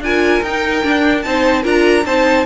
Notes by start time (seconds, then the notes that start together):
0.00 D4 F4 A#4 G#5
0.42 D#4 G5
0.83 D4
1.21 C4 D#4 C5 A5
1.62 D4 F4 A#4 A#5
2.04 C4 D#4 C5 A5